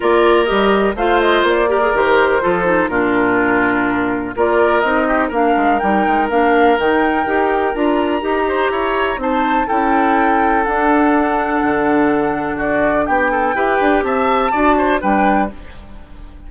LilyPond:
<<
  \new Staff \with { instrumentName = "flute" } { \time 4/4 \tempo 4 = 124 d''4 dis''4 f''8 dis''8 d''4 | c''2 ais'2~ | ais'4 d''4 dis''4 f''4 | g''4 f''4 g''2 |
ais''2. a''4 | g''2 fis''2~ | fis''2 d''4 g''4~ | g''4 a''2 g''4 | }
  \new Staff \with { instrumentName = "oboe" } { \time 4/4 ais'2 c''4. ais'8~ | ais'4 a'4 f'2~ | f'4 ais'4. g'8 ais'4~ | ais'1~ |
ais'4. c''8 cis''4 c''4 | a'1~ | a'2 fis'4 g'8 a'8 | b'4 e''4 d''8 c''8 b'4 | }
  \new Staff \with { instrumentName = "clarinet" } { \time 4/4 f'4 g'4 f'4. g'16 gis'16 | g'4 f'8 dis'8 d'2~ | d'4 f'4 dis'4 d'4 | dis'4 d'4 dis'4 g'4 |
f'4 g'2 dis'4 | e'2 d'2~ | d'1 | g'2 fis'4 d'4 | }
  \new Staff \with { instrumentName = "bassoon" } { \time 4/4 ais4 g4 a4 ais4 | dis4 f4 ais,2~ | ais,4 ais4 c'4 ais8 gis8 | g8 gis8 ais4 dis4 dis'4 |
d'4 dis'4 e'4 c'4 | cis'2 d'2 | d2. b4 | e'8 d'8 c'4 d'4 g4 | }
>>